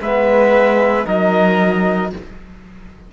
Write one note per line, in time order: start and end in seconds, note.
0.00 1.05 G#3
0.00 1.04 B3
0.00 1.06 B4
0.00 1.07 E5
1.04 2.12 F#3
1.04 2.10 D#4
1.04 2.11 A#4
1.04 2.12 D#5